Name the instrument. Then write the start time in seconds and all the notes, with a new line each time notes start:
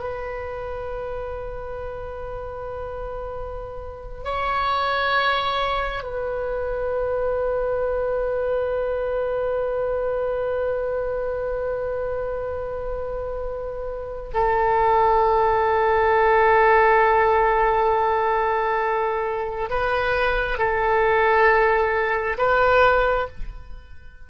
oboe
0.00 B4
4.24 C#5
6.03 B4
14.34 A4
19.70 B4
20.58 A4
22.38 B4